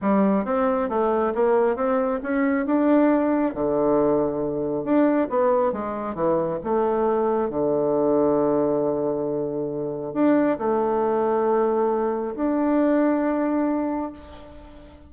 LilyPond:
\new Staff \with { instrumentName = "bassoon" } { \time 4/4 \tempo 4 = 136 g4 c'4 a4 ais4 | c'4 cis'4 d'2 | d2. d'4 | b4 gis4 e4 a4~ |
a4 d2.~ | d2. d'4 | a1 | d'1 | }